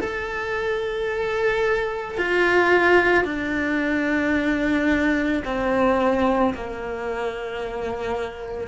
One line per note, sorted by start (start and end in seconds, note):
0.00 2.18 A4
2.18 3.25 F4
3.25 5.43 D4
5.45 6.54 C4
6.55 8.68 A#3